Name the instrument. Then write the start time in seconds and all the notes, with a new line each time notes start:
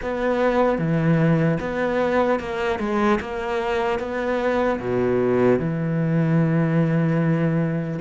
cello
0.01 B3
0.78 E3
1.60 B3
2.39 A#3
2.79 G#3
3.20 A#3
3.99 B3
4.79 B2
5.59 E3